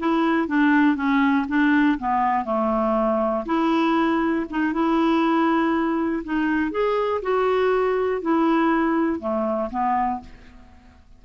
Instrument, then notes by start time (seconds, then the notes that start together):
clarinet
0.00 E4
0.48 D4
0.96 C#4
1.49 D4
1.99 B3
2.45 A3
3.46 E4
4.50 D#4
4.74 E4
6.25 D#4
6.72 G#4
7.22 F#4
8.22 E4
9.20 A3
9.70 B3